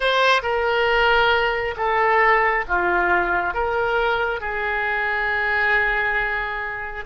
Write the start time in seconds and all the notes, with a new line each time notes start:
0.00 C5
0.42 A#4
1.76 A4
2.68 F4
3.54 A#4
4.40 G#4